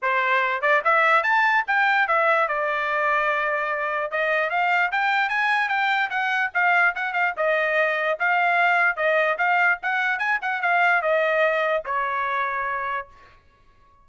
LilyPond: \new Staff \with { instrumentName = "trumpet" } { \time 4/4 \tempo 4 = 147 c''4. d''8 e''4 a''4 | g''4 e''4 d''2~ | d''2 dis''4 f''4 | g''4 gis''4 g''4 fis''4 |
f''4 fis''8 f''8 dis''2 | f''2 dis''4 f''4 | fis''4 gis''8 fis''8 f''4 dis''4~ | dis''4 cis''2. | }